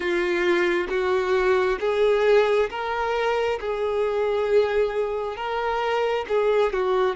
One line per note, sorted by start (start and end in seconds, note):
0.00 0.87 F4
0.89 1.79 F#4
1.80 2.69 G#4
2.69 3.59 A#4
3.60 5.36 G#4
5.36 6.25 A#4
6.28 6.72 G#4
6.72 7.15 F#4